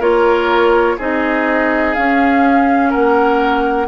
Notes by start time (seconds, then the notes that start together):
0.00 A#3 F4 A#4 C#5
0.98 C4 D#4 G#4 D#5
1.95 C#4 F5
2.90 A#3 A#4 F#5